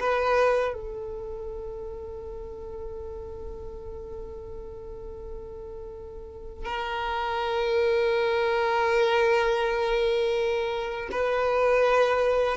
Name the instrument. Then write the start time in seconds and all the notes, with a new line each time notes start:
violin
0.00 B4
0.74 A4
6.65 A#4
11.11 B4